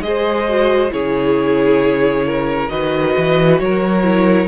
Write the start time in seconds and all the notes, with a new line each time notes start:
0.00 G#3 G#4 D#5
0.07 C5
0.48 F#4
0.90 C#3 E4 G#4 C#5
2.26 A#4
2.69 D#3 F#4 B4 D#5
3.17 E3
3.59 F#3 A#4 C#5
4.03 E4